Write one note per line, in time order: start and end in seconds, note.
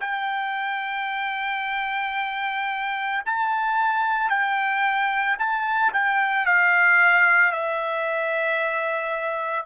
0.00 3.21 G5
3.25 4.30 A5
4.30 5.37 G5
5.39 5.92 A5
5.93 6.45 G5
6.45 7.51 F5
7.51 9.66 E5